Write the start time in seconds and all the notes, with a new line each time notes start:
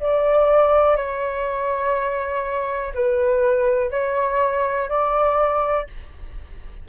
0.00 D5
0.97 C#5
2.95 B4
3.91 C#5
4.89 D5